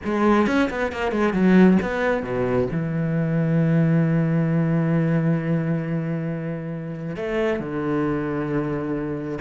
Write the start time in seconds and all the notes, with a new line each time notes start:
0.04 G#3
0.47 C#4
0.70 B3
0.91 A#3
1.11 G#3
1.33 F#3
1.82 B3
2.22 B2
2.71 E3
7.16 A3
7.59 D3